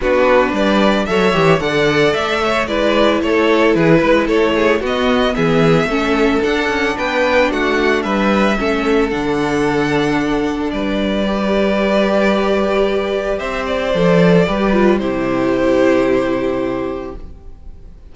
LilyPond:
<<
  \new Staff \with { instrumentName = "violin" } { \time 4/4 \tempo 4 = 112 b'4 d''4 e''4 fis''4 | e''4 d''4 cis''4 b'4 | cis''4 dis''4 e''2 | fis''4 g''4 fis''4 e''4~ |
e''4 fis''2. | d''1~ | d''4 e''8 d''2~ d''8 | c''1 | }
  \new Staff \with { instrumentName = "violin" } { \time 4/4 fis'4 b'4 cis''4 d''4~ | d''8 cis''8 b'4 a'4 gis'8 b'8 | a'8 gis'8 fis'4 gis'4 a'4~ | a'4 b'4 fis'4 b'4 |
a'1 | b'1~ | b'4 c''2 b'4 | g'1 | }
  \new Staff \with { instrumentName = "viola" } { \time 4/4 d'2 a'8 g'8 a'4~ | a'4 e'2.~ | e'4 b2 cis'4 | d'1 |
cis'4 d'2.~ | d'4 g'2.~ | g'2 a'4 g'8 f'8 | e'1 | }
  \new Staff \with { instrumentName = "cello" } { \time 4/4 b4 g4 fis8 e8 d4 | a4 gis4 a4 e8 gis8 | a4 b4 e4 a4 | d'8 cis'8 b4 a4 g4 |
a4 d2. | g1~ | g4 c'4 f4 g4 | c1 | }
>>